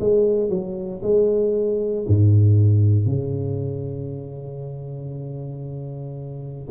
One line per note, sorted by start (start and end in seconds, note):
0.00 0.49 G#3
0.49 1.01 F#3
1.02 2.05 G#3
2.07 3.06 G#2
3.06 6.68 C#3